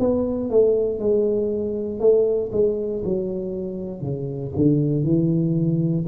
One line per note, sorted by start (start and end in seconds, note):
0.00 0.50 B3
0.50 1.00 A3
1.00 2.00 G#3
2.00 2.51 A3
2.52 3.03 G#3
3.05 4.02 F#3
4.02 4.53 C#3
4.57 5.04 D3
5.04 6.06 E3